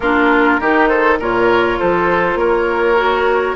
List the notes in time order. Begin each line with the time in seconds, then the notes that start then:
0.00 A#3 D4 F4 A#4
0.60 D#3 D#4 G4
0.87 A4 C5
1.19 A#2 F4 A#4 C#5
1.79 F3 A4 C5
2.34 A#3 A#4 C#5
2.96 F#4